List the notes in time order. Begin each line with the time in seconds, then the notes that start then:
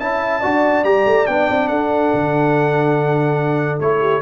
0.00 C#4 E4 E5 A5
0.40 D4 F#4 D5
0.84 G3 G4 A#5
1.06 A3
1.26 B3 D4 G5
1.50 C4
1.68 D4 A4 F#5
2.14 D3
3.80 A3 E4 C#5
4.00 G4